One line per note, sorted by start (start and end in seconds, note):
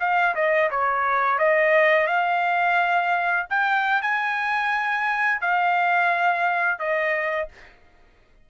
0.00 0.35 F5
0.35 0.70 D#5
0.71 1.39 C#5
1.39 2.07 D#5
2.07 3.47 F5
3.50 4.02 G5
4.02 5.41 G#5
5.41 6.79 F5
6.79 7.49 D#5